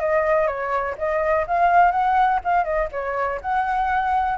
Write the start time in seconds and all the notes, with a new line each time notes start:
0.00 D#5
0.47 C#5
0.98 D#5
1.47 F5
1.92 F#5
2.44 F5
2.64 D#5
2.92 C#5
3.42 F#5